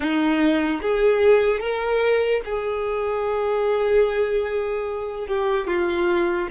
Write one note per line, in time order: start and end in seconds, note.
0.00 0.81 D#4
0.81 1.60 G#4
1.60 2.41 A#4
2.44 5.27 G#4
5.27 5.67 G4
5.67 6.48 F4